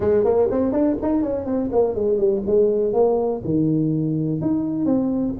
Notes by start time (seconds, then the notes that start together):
0.00 G#3
0.24 A#3
0.51 C4
0.72 D4
1.02 D#4
1.22 C#4
1.45 C4
1.71 A#3
1.94 G#3
2.17 G3
2.46 G#3
2.93 A#3
3.44 D#3
4.41 D#4
4.85 C4